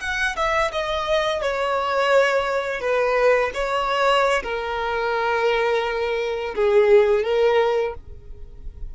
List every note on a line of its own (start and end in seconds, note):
0.00 0.35 F#5
0.36 0.71 E5
0.72 1.41 D#5
1.41 2.80 C#5
2.80 3.51 B4
3.54 4.42 C#5
4.42 6.54 A#4
6.55 7.23 G#4
7.23 7.94 A#4